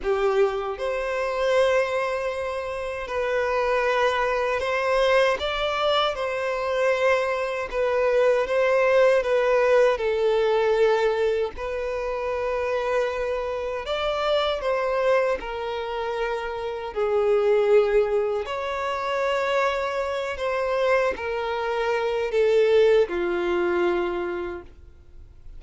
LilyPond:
\new Staff \with { instrumentName = "violin" } { \time 4/4 \tempo 4 = 78 g'4 c''2. | b'2 c''4 d''4 | c''2 b'4 c''4 | b'4 a'2 b'4~ |
b'2 d''4 c''4 | ais'2 gis'2 | cis''2~ cis''8 c''4 ais'8~ | ais'4 a'4 f'2 | }